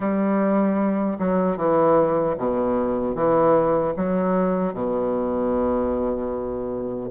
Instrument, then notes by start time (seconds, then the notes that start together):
bassoon
0.00 G3
1.18 F#3
1.56 E3
2.37 B2
3.15 E3
3.96 F#3
4.73 B2